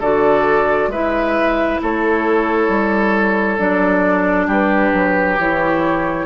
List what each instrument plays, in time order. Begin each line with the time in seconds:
0.00 bassoon D3, clarinet F#4, oboe A4, flute D5
0.88 bassoon G#3, clarinet E4, oboe B4, flute E5
1.83 bassoon A3, oboe A4, flute C#5
2.69 bassoon G3
3.58 bassoon F#3, clarinet D4, flute D5
4.47 bassoon G3, oboe G4, flute B4
4.93 bassoon F#3
5.38 bassoon E3, clarinet E4, flute C#5